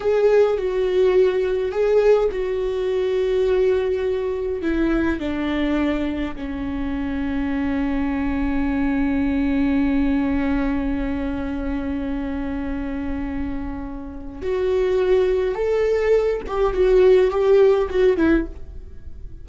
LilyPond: \new Staff \with { instrumentName = "viola" } { \time 4/4 \tempo 4 = 104 gis'4 fis'2 gis'4 | fis'1 | e'4 d'2 cis'4~ | cis'1~ |
cis'1~ | cis'1~ | cis'4 fis'2 a'4~ | a'8 g'8 fis'4 g'4 fis'8 e'8 | }